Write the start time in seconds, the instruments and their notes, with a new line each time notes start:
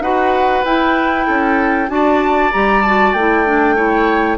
0.00 bassoon D#4, clarinet F#4, oboe B4, flute F#5
0.64 bassoon E4, clarinet E4, flute G5
1.27 bassoon C#4, oboe A4
1.88 bassoon D4, clarinet F#4, oboe D5, flute A5
2.52 bassoon G3, clarinet G4, flute A#5
2.82 clarinet F#4, flute A5
3.12 bassoon A3, clarinet E4, flute G5
3.46 clarinet D4
3.76 clarinet E4, oboe C#5